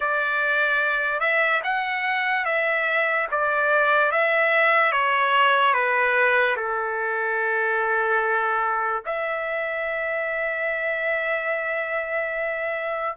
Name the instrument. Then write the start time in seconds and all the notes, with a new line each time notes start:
trumpet
0.00 D5
1.20 E5
1.63 F#5
2.45 E5
3.31 D5
4.11 E5
4.91 C#5
5.73 B4
6.56 A4
9.05 E5